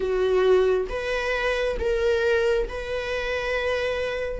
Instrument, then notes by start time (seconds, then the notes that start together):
viola
0.00 F#4
0.89 B4
1.79 A#4
2.68 B4